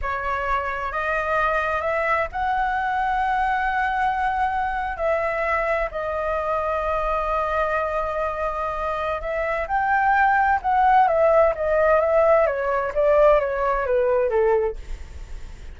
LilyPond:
\new Staff \with { instrumentName = "flute" } { \time 4/4 \tempo 4 = 130 cis''2 dis''2 | e''4 fis''2.~ | fis''2~ fis''8. e''4~ e''16~ | e''8. dis''2.~ dis''16~ |
dis''1 | e''4 g''2 fis''4 | e''4 dis''4 e''4 cis''4 | d''4 cis''4 b'4 a'4 | }